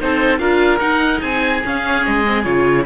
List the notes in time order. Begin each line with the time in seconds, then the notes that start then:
0.00 C4 D#4 A4 C5
0.39 D4 F4 A#4 F5
0.80 D#4 F#5
1.21 C4 G#4 G#5
1.63 C#4 F5
2.05 G#3 D#5
2.27 C4
2.44 C#3 F4 C#5